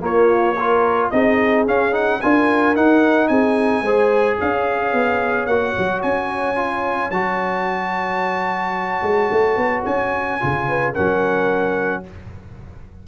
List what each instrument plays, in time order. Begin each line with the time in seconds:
0.00 tuba A#3, trombone A#3, horn F4, trumpet C#5
0.56 trombone F4, horn A#4
1.10 tuba C4, trombone D#4, horn G#4, trumpet D#5
1.67 trombone C#4, tuba C#4, trumpet F5
1.92 trombone D#4, trumpet F#5
2.21 tuba D4, trombone F4, horn A#4, trumpet G#5
2.75 trombone D#4, tuba D#4, trumpet F#5
3.28 tuba C4, horn G#4, trumpet G#5
3.82 tuba G#3, trombone G#4, horn C5
4.37 tuba C#4, horn C#5, trumpet F5
4.93 tuba B3
5.46 tuba A#3, trombone F#4, trumpet F#5
5.77 tuba F#3
6.02 tuba C#4, trumpet G#5
6.55 trombone F4
7.10 tuba F#3, trombone F#4, trumpet A5
9.02 tuba G#3
9.31 tuba A3
9.56 tuba B3
9.85 tuba C#4, trumpet G#5
10.40 tuba C#3, trombone F4
10.68 horn B4
10.93 tuba F#3, trombone C#4, horn A#4, trumpet F#5